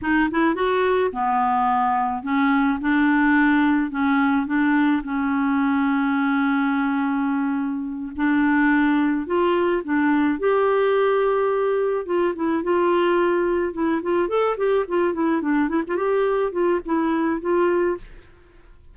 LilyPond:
\new Staff \with { instrumentName = "clarinet" } { \time 4/4 \tempo 4 = 107 dis'8 e'8 fis'4 b2 | cis'4 d'2 cis'4 | d'4 cis'2.~ | cis'2~ cis'8 d'4.~ |
d'8 f'4 d'4 g'4.~ | g'4. f'8 e'8 f'4.~ | f'8 e'8 f'8 a'8 g'8 f'8 e'8 d'8 | e'16 f'16 g'4 f'8 e'4 f'4 | }